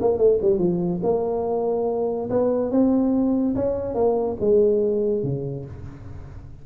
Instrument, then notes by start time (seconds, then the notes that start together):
tuba
0.00 A#3
0.17 A3
0.41 G3
0.58 F3
1.03 A#3
2.29 B3
2.71 C4
3.55 C#4
3.94 A#3
4.40 G#3
5.23 C#3